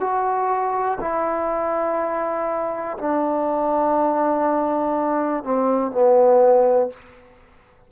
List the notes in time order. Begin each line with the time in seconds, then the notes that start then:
0.00 F#4
1.01 E4
2.98 D4
5.43 C4
5.92 B3